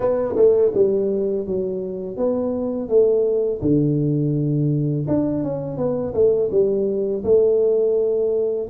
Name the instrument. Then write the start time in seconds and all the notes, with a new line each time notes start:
tuba
0.00 B3
0.35 A3
0.74 G3
1.46 F#3
2.17 B3
2.88 A3
3.61 D3
5.07 D4
5.43 C#4
5.77 B3
6.13 A3
6.51 G3
7.24 A3